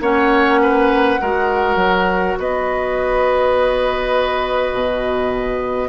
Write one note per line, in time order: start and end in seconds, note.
0.00 1.18 A#3
0.00 1.19 C#4
0.00 0.60 C#5
0.00 2.37 F#5
0.62 1.20 B4
1.19 1.76 G#3
1.19 5.89 F#4
1.19 2.38 A#4
1.76 2.35 F#3
2.38 4.73 B3
2.38 5.89 B4
2.38 5.89 D#5
4.73 5.89 B2